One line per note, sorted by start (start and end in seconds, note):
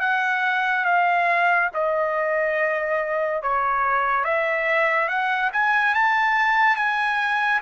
0.00 0.85 F#5
0.85 1.69 F5
1.74 3.43 D#5
3.43 4.24 C#5
4.24 5.08 E5
5.08 5.50 F#5
5.53 5.95 G#5
5.95 6.76 A5
6.76 7.61 G#5